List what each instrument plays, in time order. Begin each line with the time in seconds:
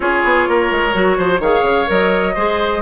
0.00 bassoon C#4, clarinet F4, oboe G#4, flute C#5
0.24 bassoon B3
0.47 bassoon A#3, oboe A#4
0.71 bassoon G#3
0.92 bassoon F#3, clarinet F#4
1.17 bassoon F3, oboe C5
1.39 bassoon D#3, clarinet G#4, oboe C#5, flute F5
1.62 bassoon C#3
1.86 bassoon F#3, clarinet A#4, flute D#5
2.34 bassoon G#3, clarinet G#4, oboe C5